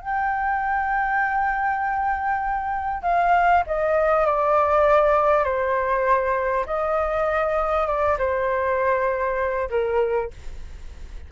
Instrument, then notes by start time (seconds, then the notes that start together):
flute
0.00 G5
3.02 F5
3.67 D#5
4.26 D5
5.44 C5
6.66 D#5
7.87 D5
8.18 C5
9.70 A#4